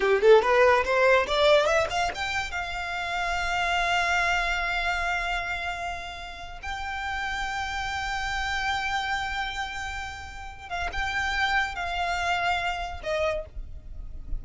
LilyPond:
\new Staff \with { instrumentName = "violin" } { \time 4/4 \tempo 4 = 143 g'8 a'8 b'4 c''4 d''4 | e''8 f''8 g''4 f''2~ | f''1~ | f''2.~ f''8. g''16~ |
g''1~ | g''1~ | g''4. f''8 g''2 | f''2. dis''4 | }